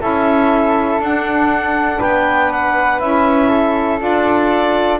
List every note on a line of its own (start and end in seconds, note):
0.00 0.98 C#4
0.00 1.00 E4
0.00 1.99 A4
0.00 1.01 E5
0.98 1.98 D4
0.98 3.01 D4
0.98 2.01 F#5
1.99 3.01 B3
1.99 3.49 B4
1.99 2.51 G5
2.51 2.99 F#5
2.99 4.00 C#4
2.99 3.99 E4
2.99 3.99 E5
3.49 4.99 A4
3.99 4.99 D4
3.99 4.99 F4
3.99 4.99 D5